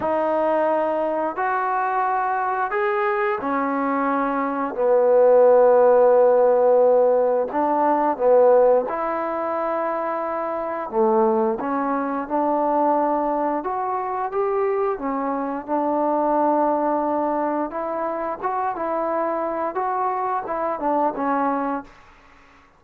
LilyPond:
\new Staff \with { instrumentName = "trombone" } { \time 4/4 \tempo 4 = 88 dis'2 fis'2 | gis'4 cis'2 b4~ | b2. d'4 | b4 e'2. |
a4 cis'4 d'2 | fis'4 g'4 cis'4 d'4~ | d'2 e'4 fis'8 e'8~ | e'4 fis'4 e'8 d'8 cis'4 | }